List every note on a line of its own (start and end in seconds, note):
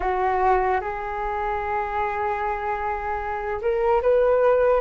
0.00 0.80 F#4
0.80 3.60 G#4
3.61 4.01 A#4
4.01 4.80 B4